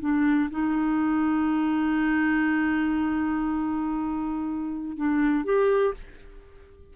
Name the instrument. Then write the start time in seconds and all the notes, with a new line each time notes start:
clarinet
0.00 D4
0.50 D#4
4.97 D4
5.45 G4